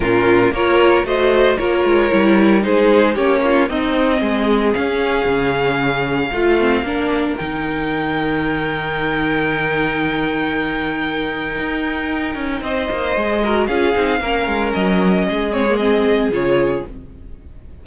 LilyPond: <<
  \new Staff \with { instrumentName = "violin" } { \time 4/4 \tempo 4 = 114 ais'4 cis''4 dis''4 cis''4~ | cis''4 c''4 cis''4 dis''4~ | dis''4 f''2.~ | f''2 g''2~ |
g''1~ | g''1 | dis''2 f''2 | dis''4. cis''8 dis''4 cis''4 | }
  \new Staff \with { instrumentName = "violin" } { \time 4/4 f'4 ais'4 c''4 ais'4~ | ais'4 gis'4 g'8 f'8 dis'4 | gis'1 | f'4 ais'2.~ |
ais'1~ | ais'1 | c''4. ais'8 gis'4 ais'4~ | ais'4 gis'2. | }
  \new Staff \with { instrumentName = "viola" } { \time 4/4 cis'4 f'4 fis'4 f'4 | e'4 dis'4 cis'4 c'4~ | c'4 cis'2. | f'8 c'8 d'4 dis'2~ |
dis'1~ | dis'1~ | dis'4 gis'8 fis'8 f'8 dis'8 cis'4~ | cis'4. c'16 ais16 c'4 f'4 | }
  \new Staff \with { instrumentName = "cello" } { \time 4/4 ais,4 ais4 a4 ais8 gis8 | g4 gis4 ais4 c'4 | gis4 cis'4 cis2 | a4 ais4 dis2~ |
dis1~ | dis2 dis'4. cis'8 | c'8 ais8 gis4 cis'8 c'8 ais8 gis8 | fis4 gis2 cis4 | }
>>